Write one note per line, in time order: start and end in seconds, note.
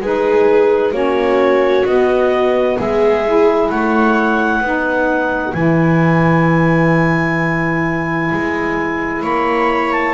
0.00 0.92 G#3
0.00 0.92 D#4
0.00 0.93 G#4
0.00 0.94 B4
0.92 1.84 A#3
0.92 1.84 C#4
0.92 2.78 F#4
0.92 1.86 C#5
1.85 2.77 B3
1.85 3.24 B3
1.85 2.78 D#5
2.78 3.69 G#3
2.78 3.70 G#4
2.78 3.70 E5
3.24 4.63 E4
3.69 4.61 A3
3.69 4.63 C#5
3.69 5.53 F#5
4.61 5.53 B3
4.61 5.54 D#4
4.61 9.23 B4
5.53 8.31 E3
5.53 10.14 E4
5.53 9.22 G#5
8.31 9.23 G#3
9.23 10.14 A#3
9.23 10.14 C#5
9.23 9.93 B5
9.93 10.14 A5